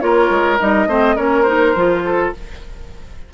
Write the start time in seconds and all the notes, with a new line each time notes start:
0.00 A#3 F4 A#4 C#5
0.30 G#3
0.59 G3 D#4 D#5
0.87 A3 C4 C5
1.15 A#3 C#4 A#4 C#5
1.42 D#4 C5
1.75 F3 F4
2.05 A4